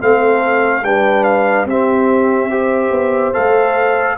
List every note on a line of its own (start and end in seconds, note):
0.00 0.83 A3
0.00 0.83 C4
0.00 0.84 A4
0.00 0.84 F5
0.83 1.65 G3
0.83 1.68 D4
0.83 1.67 B4
0.83 1.24 G5
1.24 1.66 F5
1.65 2.90 C4
1.65 2.51 C4
1.65 2.50 G4
1.65 3.34 E5
2.50 3.34 G4
2.50 4.16 C5
2.91 3.33 B3
3.34 4.18 A3
3.34 4.17 A4
3.34 4.17 F5